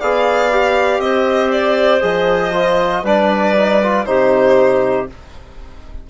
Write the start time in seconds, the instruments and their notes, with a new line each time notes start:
0.00 bassoon B3, trombone G#4, clarinet D5, violin F5
0.52 trombone G4
0.99 bassoon C4, clarinet C5, violin D#5
1.51 violin D5
2.01 bassoon F3, trombone G#4, violin D#5
2.54 trombone F4
3.03 bassoon G3, trombone D4, clarinet B4, violin D5
3.57 trombone D#4
3.83 trombone F4
4.06 bassoon C3, trombone D#4, clarinet G4, violin C5